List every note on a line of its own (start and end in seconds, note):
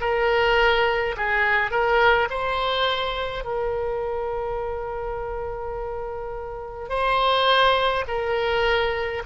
0.00 1.15 A#4
1.16 1.70 G#4
1.70 2.28 A#4
2.30 3.44 C5
3.44 6.89 A#4
6.89 8.04 C5
8.07 9.23 A#4